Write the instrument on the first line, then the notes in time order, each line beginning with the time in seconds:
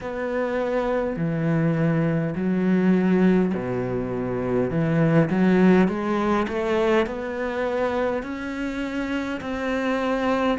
cello
0.00 B3
1.16 E3
2.35 F#3
3.54 B2
4.70 E3
5.29 F#3
5.88 G#3
6.48 A3
7.06 B3
8.22 C#4
9.41 C4